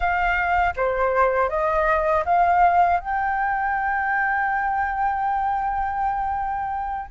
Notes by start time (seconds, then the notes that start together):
0.00 F5
0.76 C5
1.49 D#5
2.25 F5
3.00 G5